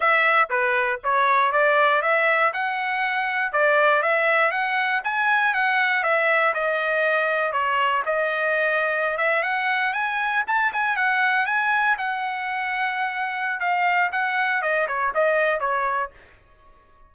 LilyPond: \new Staff \with { instrumentName = "trumpet" } { \time 4/4 \tempo 4 = 119 e''4 b'4 cis''4 d''4 | e''4 fis''2 d''4 | e''4 fis''4 gis''4 fis''4 | e''4 dis''2 cis''4 |
dis''2~ dis''16 e''8 fis''4 gis''16~ | gis''8. a''8 gis''8 fis''4 gis''4 fis''16~ | fis''2. f''4 | fis''4 dis''8 cis''8 dis''4 cis''4 | }